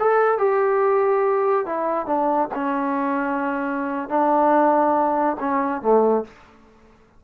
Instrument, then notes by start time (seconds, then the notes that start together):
trombone
0.00 A4
0.39 G4
1.66 E4
2.07 D4
2.55 C#4
4.09 D4
5.40 C#4
5.82 A3